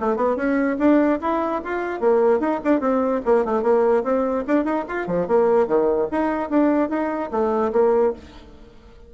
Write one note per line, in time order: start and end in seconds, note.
0.00 0.16 A3
0.16 0.36 B3
0.36 0.77 C#4
0.79 1.20 D4
1.21 1.62 E4
1.64 2.00 F4
2.00 2.40 A#3
2.40 2.60 D#4
2.64 2.80 D4
2.80 3.21 C4
3.26 3.45 A#3
3.45 3.63 A3
3.63 4.03 A#3
4.03 4.44 C4
4.47 4.65 D4
4.65 4.85 D#4
4.88 5.07 F4
5.07 5.27 F3
5.27 5.68 A#3
5.68 6.08 D#3
6.12 6.50 D#4
6.50 6.90 D4
6.90 7.30 D#4
7.32 7.72 A3
7.73 8.13 A#3